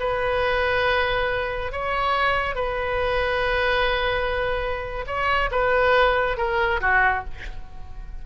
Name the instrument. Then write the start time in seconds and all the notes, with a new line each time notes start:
oboe
0.00 B4
1.72 C#5
2.56 B4
5.07 C#5
5.52 B4
6.37 A#4
6.81 F#4